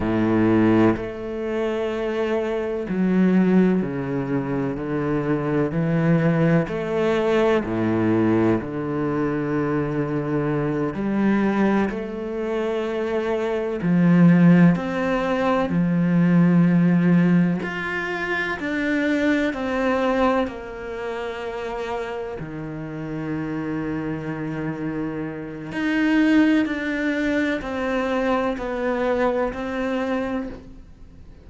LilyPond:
\new Staff \with { instrumentName = "cello" } { \time 4/4 \tempo 4 = 63 a,4 a2 fis4 | cis4 d4 e4 a4 | a,4 d2~ d8 g8~ | g8 a2 f4 c'8~ |
c'8 f2 f'4 d'8~ | d'8 c'4 ais2 dis8~ | dis2. dis'4 | d'4 c'4 b4 c'4 | }